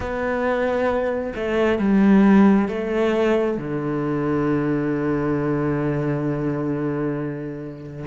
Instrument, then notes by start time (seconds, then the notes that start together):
cello
0.00 B3
1.35 A3
1.78 G3
2.68 A3
3.57 D3